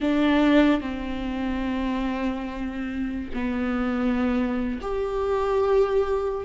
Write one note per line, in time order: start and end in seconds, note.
0.00 0.80 D4
0.80 3.30 C4
3.33 4.79 B3
4.81 6.44 G4